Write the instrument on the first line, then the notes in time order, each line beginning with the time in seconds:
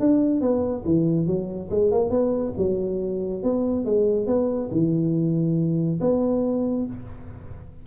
tuba
0.00 D4
0.41 B3
0.85 E3
1.27 F#3
1.71 G#3
1.91 A#3
2.10 B3
2.58 F#3
3.43 B3
3.85 G#3
4.27 B3
4.71 E3
6.01 B3